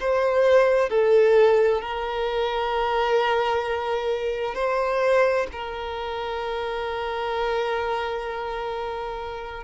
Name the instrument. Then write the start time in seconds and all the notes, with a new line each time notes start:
violin
0.00 C5
0.89 A4
1.81 A#4
4.54 C5
5.52 A#4